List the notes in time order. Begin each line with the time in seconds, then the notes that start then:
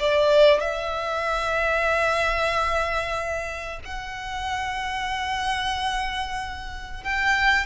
0.00 D5
0.61 E5
3.85 F#5
7.04 G5